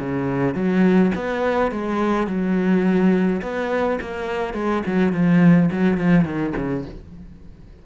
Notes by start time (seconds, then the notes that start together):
0.00 C#3
0.55 F#3
1.16 B3
1.72 G#3
2.28 F#3
3.42 B3
4.02 A#3
4.54 G#3
4.87 F#3
5.13 F3
5.72 F#3
5.98 F3
6.25 D#3
6.57 C#3